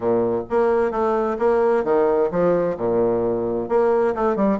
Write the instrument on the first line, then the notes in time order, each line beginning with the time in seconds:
bassoon
0.00 A#2
0.50 A#3
0.91 A3
1.38 A#3
1.83 D#3
2.31 F3
2.77 A#2
3.68 A#3
4.15 A3
4.36 G3